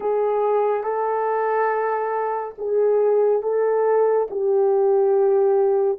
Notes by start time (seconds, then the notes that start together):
0.00 G#4
0.83 A4
2.58 G#4
3.42 A4
4.30 G4